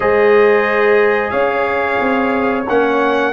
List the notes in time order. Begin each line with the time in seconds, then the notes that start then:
0.00 G#3 G#4 C5 D#5
1.30 C#4 C#5 F5
1.99 C4
2.68 A#3 C#4 F#5